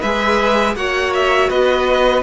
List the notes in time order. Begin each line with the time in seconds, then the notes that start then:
0.00 G#3 G#4 B4 E5
0.75 A#3 F#4 C#5 F#5
1.14 E5
1.49 B3 B4 D#5